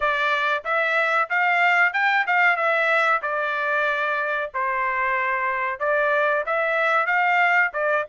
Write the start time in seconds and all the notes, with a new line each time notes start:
0.00 D5
0.64 E5
1.29 F5
1.93 G5
2.26 F5
2.56 E5
3.22 D5
4.53 C5
5.79 D5
6.45 E5
7.06 F5
7.73 D5